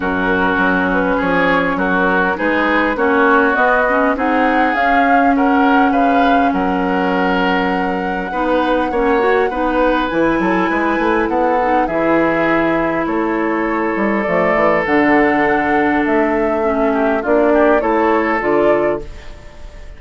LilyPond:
<<
  \new Staff \with { instrumentName = "flute" } { \time 4/4 \tempo 4 = 101 ais'4. b'8 cis''4 ais'4 | b'4 cis''4 dis''4 fis''4 | f''4 fis''4 f''4 fis''4~ | fis''1~ |
fis''4 gis''2 fis''4 | e''2 cis''2 | d''4 fis''2 e''4~ | e''4 d''4 cis''4 d''4 | }
  \new Staff \with { instrumentName = "oboe" } { \time 4/4 fis'2 gis'4 fis'4 | gis'4 fis'2 gis'4~ | gis'4 ais'4 b'4 ais'4~ | ais'2 b'4 cis''4 |
b'4. a'8 b'4 a'4 | gis'2 a'2~ | a'1~ | a'8 g'8 f'8 g'8 a'2 | }
  \new Staff \with { instrumentName = "clarinet" } { \time 4/4 cis'1 | dis'4 cis'4 b8 cis'8 dis'4 | cis'1~ | cis'2 dis'4 cis'8 fis'8 |
dis'4 e'2~ e'8 dis'8 | e'1 | a4 d'2. | cis'4 d'4 e'4 f'4 | }
  \new Staff \with { instrumentName = "bassoon" } { \time 4/4 fis,4 fis4 f4 fis4 | gis4 ais4 b4 c'4 | cis'2 cis4 fis4~ | fis2 b4 ais4 |
b4 e8 fis8 gis8 a8 b4 | e2 a4. g8 | f8 e8 d2 a4~ | a4 ais4 a4 d4 | }
>>